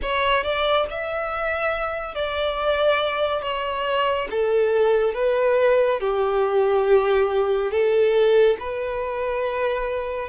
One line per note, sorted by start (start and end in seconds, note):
0.02 0.43 C#5
0.43 0.86 D5
0.90 2.14 E5
2.14 3.42 D5
3.42 4.27 C#5
4.30 5.14 A4
5.14 6.00 B4
6.00 7.71 G4
7.71 8.56 A4
8.59 10.29 B4